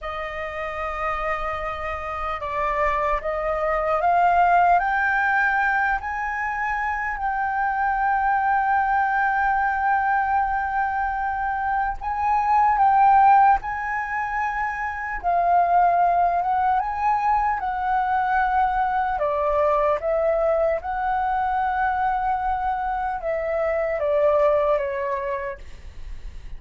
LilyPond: \new Staff \with { instrumentName = "flute" } { \time 4/4 \tempo 4 = 75 dis''2. d''4 | dis''4 f''4 g''4. gis''8~ | gis''4 g''2.~ | g''2. gis''4 |
g''4 gis''2 f''4~ | f''8 fis''8 gis''4 fis''2 | d''4 e''4 fis''2~ | fis''4 e''4 d''4 cis''4 | }